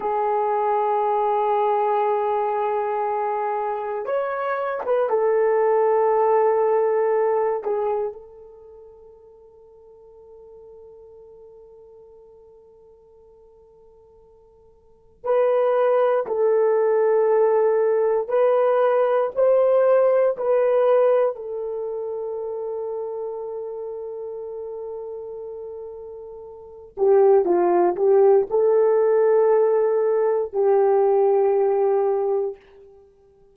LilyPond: \new Staff \with { instrumentName = "horn" } { \time 4/4 \tempo 4 = 59 gis'1 | cis''8. b'16 a'2~ a'8 gis'8 | a'1~ | a'2. b'4 |
a'2 b'4 c''4 | b'4 a'2.~ | a'2~ a'8 g'8 f'8 g'8 | a'2 g'2 | }